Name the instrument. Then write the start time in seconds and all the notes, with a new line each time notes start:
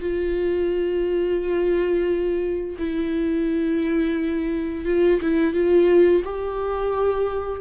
viola
0.00 F4
2.78 E4
4.85 F4
5.21 E4
5.54 F4
6.24 G4